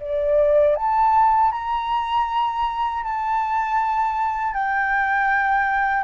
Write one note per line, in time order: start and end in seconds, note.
0.00 0.76 D5
0.76 1.52 A5
1.52 3.03 A#5
3.03 4.54 A5
4.54 6.04 G5